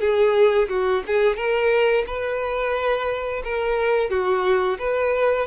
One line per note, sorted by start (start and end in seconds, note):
0.00 0.68 G#4
0.69 1.03 F#4
1.07 1.36 G#4
1.36 2.05 A#4
2.06 3.43 B4
3.44 4.10 A#4
4.10 4.78 F#4
4.79 5.46 B4